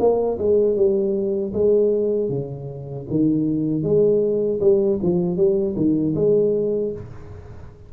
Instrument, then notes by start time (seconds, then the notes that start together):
tuba
0.00 A#3
0.39 G#3
0.76 G3
1.54 G#3
2.30 C#3
3.10 D#3
3.83 G#3
4.60 G3
5.03 F3
5.37 G3
5.76 D#3
6.15 G#3